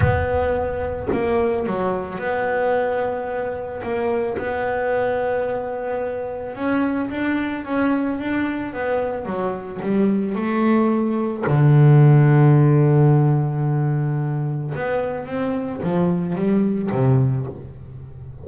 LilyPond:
\new Staff \with { instrumentName = "double bass" } { \time 4/4 \tempo 4 = 110 b2 ais4 fis4 | b2. ais4 | b1 | cis'4 d'4 cis'4 d'4 |
b4 fis4 g4 a4~ | a4 d2.~ | d2. b4 | c'4 f4 g4 c4 | }